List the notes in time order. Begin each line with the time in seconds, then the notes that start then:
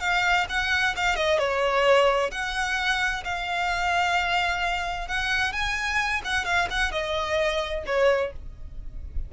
0.00 F5
0.49 F#5
0.96 F5
1.16 D#5
1.38 C#5
2.31 F#5
3.24 F5
5.08 F#5
5.52 G#5
6.24 F#5
6.45 F5
6.70 F#5
6.91 D#5
7.86 C#5